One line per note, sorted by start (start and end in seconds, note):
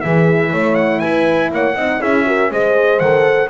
0.00 0.53 E3
0.00 1.77 E4
0.00 0.50 G#4
0.00 0.74 E5
0.50 1.03 A3
0.50 1.00 C#5
0.74 0.99 F#5
0.99 1.51 E4
0.99 1.50 B4
0.99 1.49 G#5
1.51 1.75 A#3
1.51 1.75 C#5
1.51 2.01 F#5
1.75 2.00 C4
1.75 1.99 D#4
1.75 2.00 D#5
1.99 2.50 C#4
1.99 2.24 E4
1.99 2.25 G#4
1.99 2.51 E5
2.25 2.49 F#4
2.25 2.51 A#4
2.50 3.00 G#3
2.50 3.01 G#4
2.50 3.50 C5
2.50 2.99 D#5
2.99 3.50 D#3
2.99 3.50 A4
2.99 3.48 F#5